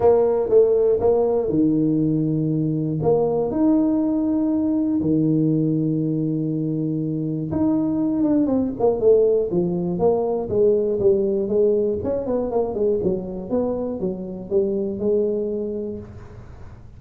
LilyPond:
\new Staff \with { instrumentName = "tuba" } { \time 4/4 \tempo 4 = 120 ais4 a4 ais4 dis4~ | dis2 ais4 dis'4~ | dis'2 dis2~ | dis2. dis'4~ |
dis'8 d'8 c'8 ais8 a4 f4 | ais4 gis4 g4 gis4 | cis'8 b8 ais8 gis8 fis4 b4 | fis4 g4 gis2 | }